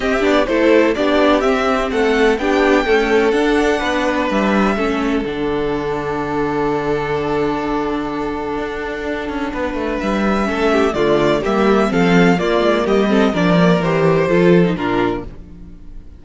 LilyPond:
<<
  \new Staff \with { instrumentName = "violin" } { \time 4/4 \tempo 4 = 126 e''8 d''8 c''4 d''4 e''4 | fis''4 g''2 fis''4~ | fis''4 e''2 fis''4~ | fis''1~ |
fis''1~ | fis''4 e''2 d''4 | e''4 f''4 d''4 dis''4 | d''4 c''2 ais'4 | }
  \new Staff \with { instrumentName = "violin" } { \time 4/4 g'4 a'4 g'2 | a'4 g'4 a'2 | b'2 a'2~ | a'1~ |
a'1 | b'2 a'8 g'8 f'4 | g'4 a'4 f'4 g'8 a'8 | ais'2 a'4 f'4 | }
  \new Staff \with { instrumentName = "viola" } { \time 4/4 c'8 d'8 e'4 d'4 c'4~ | c'4 d'4 a4 d'4~ | d'2 cis'4 d'4~ | d'1~ |
d'1~ | d'2 cis'4 a4 | ais4 c'4 ais4. c'8 | d'8 ais8 g'4 f'8. dis'16 d'4 | }
  \new Staff \with { instrumentName = "cello" } { \time 4/4 c'8 b8 a4 b4 c'4 | a4 b4 cis'4 d'4 | b4 g4 a4 d4~ | d1~ |
d2 d'4. cis'8 | b8 a8 g4 a4 d4 | g4 f4 ais8 gis8 g4 | f4 e4 f4 ais,4 | }
>>